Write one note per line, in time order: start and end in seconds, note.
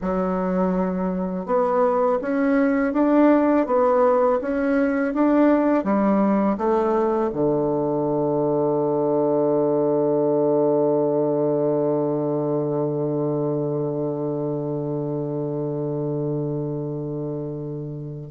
0.01 1.45 F#3
1.45 2.19 B3
2.21 2.93 C#4
2.93 3.66 D4
3.66 4.39 B3
4.41 5.14 C#4
5.14 5.84 D4
5.84 6.57 G3
6.57 7.30 A3
7.32 18.30 D3